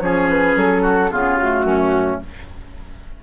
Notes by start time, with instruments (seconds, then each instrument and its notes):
0.00 bassoon F3, clarinet C#4, oboe G#4, flute C#5
0.29 flute B4
0.56 bassoon F#3, flute A4
0.82 oboe F#4
1.11 bassoon C#3, clarinet B3, oboe F4, flute G#4
1.37 clarinet A3, flute F#4
1.63 bassoon F#2, oboe C#4